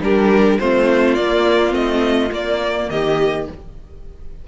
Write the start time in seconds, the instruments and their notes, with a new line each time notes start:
0.00 cello G3, viola D4, violin G4 A#4
0.58 cello A3, viola C4, violin F4 C5
1.14 cello A#3, viola A#3, violin D5
1.70 cello A3, viola C4, violin D#5
2.31 cello A#3, viola A#3, violin D5
2.89 cello D#3, violin G4 D#5